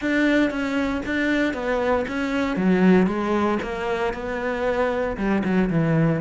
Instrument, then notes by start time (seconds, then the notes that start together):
cello
0.01 D4
0.50 C#4
1.05 D4
1.53 B3
2.08 C#4
2.56 F#3
3.07 G#3
3.62 A#3
4.13 B3
5.17 G3
5.43 F#3
5.69 E3